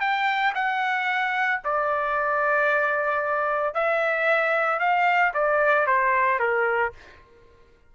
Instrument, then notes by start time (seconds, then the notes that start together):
trumpet
0.00 G5
0.54 F#5
1.64 D5
3.74 E5
4.80 F5
5.34 D5
5.87 C5
6.39 A#4